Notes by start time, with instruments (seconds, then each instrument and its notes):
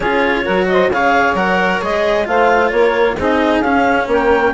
0.00 bassoon C#4, cello F4, saxophone G#4, clarinet C#5
0.44 bassoon F#3, cello F#4, saxophone A#4
0.68 saxophone C5, clarinet D#5
0.89 bassoon C#3, cello G#4, saxophone C#5, clarinet F5
1.34 bassoon F#3, cello A#4, clarinet F#5
1.81 bassoon G#3, cello G#4, clarinet D#5
2.24 bassoon A3, cello F4, saxophone C5, clarinet F5
2.70 bassoon A#3, saxophone A#4, clarinet C#5
3.17 bassoon C4, cello D#4, saxophone G#4, clarinet D#5
3.61 bassoon C#4, cello C#4, clarinet F5
4.07 bassoon A#3, saxophone A#4, clarinet G5